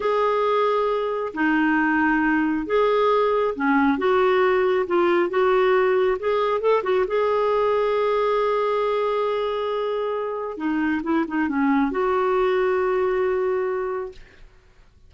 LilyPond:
\new Staff \with { instrumentName = "clarinet" } { \time 4/4 \tempo 4 = 136 gis'2. dis'4~ | dis'2 gis'2 | cis'4 fis'2 f'4 | fis'2 gis'4 a'8 fis'8 |
gis'1~ | gis'1 | dis'4 e'8 dis'8 cis'4 fis'4~ | fis'1 | }